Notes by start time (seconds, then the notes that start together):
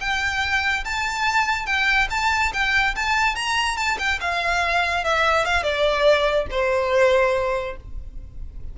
0.00 G5
0.84 A5
1.66 G5
2.10 A5
2.53 G5
2.95 A5
3.35 A#5
3.77 A5
3.98 G5
4.20 F5
5.04 E5
5.45 F5
5.63 D5
6.51 C5